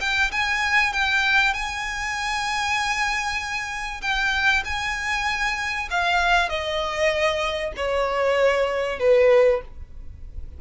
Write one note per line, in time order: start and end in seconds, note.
0.00 0.31 G5
0.31 0.93 G#5
0.93 1.54 G5
1.54 4.01 G#5
4.01 4.63 G5
4.65 5.88 G#5
5.90 6.49 F5
6.49 7.73 D#5
7.76 8.99 C#5
8.99 9.61 B4